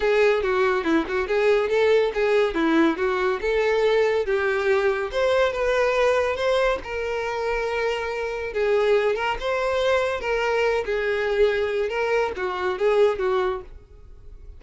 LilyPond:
\new Staff \with { instrumentName = "violin" } { \time 4/4 \tempo 4 = 141 gis'4 fis'4 e'8 fis'8 gis'4 | a'4 gis'4 e'4 fis'4 | a'2 g'2 | c''4 b'2 c''4 |
ais'1 | gis'4. ais'8 c''2 | ais'4. gis'2~ gis'8 | ais'4 fis'4 gis'4 fis'4 | }